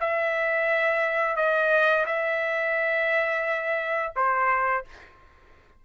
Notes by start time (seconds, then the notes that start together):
0.00 E5
1.36 D#5
2.06 E5
4.15 C5